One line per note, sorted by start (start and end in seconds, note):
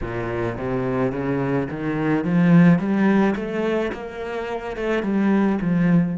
0.01 0.57 A#2
0.57 1.12 C3
1.12 1.68 C#3
1.70 2.24 D#3
2.24 2.78 F3
2.78 3.34 G3
3.35 3.92 A3
3.92 4.76 A#3
4.76 5.02 A3
5.02 5.58 G3
5.61 6.17 F3